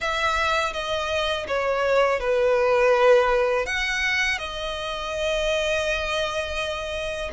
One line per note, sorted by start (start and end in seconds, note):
0.00 0.73 E5
0.73 1.46 D#5
1.47 2.20 C#5
2.20 3.66 B4
3.66 4.38 F#5
4.38 7.30 D#5